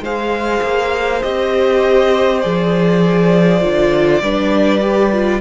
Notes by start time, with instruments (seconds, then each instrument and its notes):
0.00 cello G#3, viola G#4, violin C5 F5
0.62 cello A#3
1.22 cello C4, viola G4, violin D#5
2.41 cello F3, viola G#4, violin D5
3.61 cello D3, viola F4
4.21 cello G3, viola D4, violin B4
4.80 viola G4
5.12 viola F4